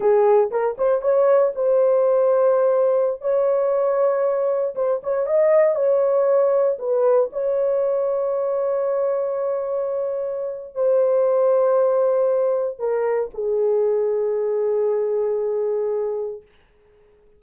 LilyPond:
\new Staff \with { instrumentName = "horn" } { \time 4/4 \tempo 4 = 117 gis'4 ais'8 c''8 cis''4 c''4~ | c''2~ c''16 cis''4.~ cis''16~ | cis''4~ cis''16 c''8 cis''8 dis''4 cis''8.~ | cis''4~ cis''16 b'4 cis''4.~ cis''16~ |
cis''1~ | cis''4 c''2.~ | c''4 ais'4 gis'2~ | gis'1 | }